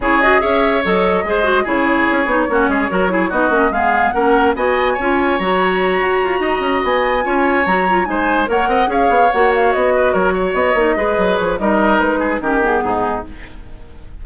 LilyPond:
<<
  \new Staff \with { instrumentName = "flute" } { \time 4/4 \tempo 4 = 145 cis''8 dis''8 e''4 dis''2 | cis''1 | dis''4 f''4 fis''4 gis''4~ | gis''4 ais''2.~ |
ais''8 gis''2 ais''4 gis''8~ | gis''8 fis''4 f''4 fis''8 f''8 dis''8~ | dis''8 cis''4 dis''2 cis''8 | dis''4 b'4 ais'8 gis'4. | }
  \new Staff \with { instrumentName = "oboe" } { \time 4/4 gis'4 cis''2 c''4 | gis'2 fis'8 gis'8 ais'8 gis'8 | fis'4 gis'4 ais'4 dis''4 | cis''2.~ cis''8 dis''8~ |
dis''4. cis''2 c''8~ | c''8 cis''8 dis''8 cis''2~ cis''8 | b'8 ais'8 cis''4. b'4. | ais'4. gis'8 g'4 dis'4 | }
  \new Staff \with { instrumentName = "clarinet" } { \time 4/4 e'8 fis'8 gis'4 a'4 gis'8 fis'8 | e'4. dis'8 cis'4 fis'8 e'8 | dis'8 cis'8 b4 cis'4 fis'4 | f'4 fis'2.~ |
fis'4. f'4 fis'8 f'8 dis'8~ | dis'8 ais'4 gis'4 fis'4.~ | fis'2 dis'8 gis'4. | dis'2 cis'8 b4. | }
  \new Staff \with { instrumentName = "bassoon" } { \time 4/4 cis4 cis'4 fis4 gis4 | cis4 cis'8 b8 ais8 gis8 fis4 | b8 ais8 gis4 ais4 b4 | cis'4 fis4. fis'8 f'8 dis'8 |
cis'8 b4 cis'4 fis4 gis8~ | gis8 ais8 c'8 cis'8 b8 ais4 b8~ | b8 fis4 b8 ais8 gis8 fis8 f8 | g4 gis4 dis4 gis,4 | }
>>